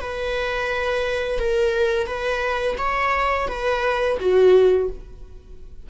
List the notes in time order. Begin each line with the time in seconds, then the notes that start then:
0.00 B4
1.39 A#4
2.06 B4
2.78 C#5
3.48 B4
4.19 F#4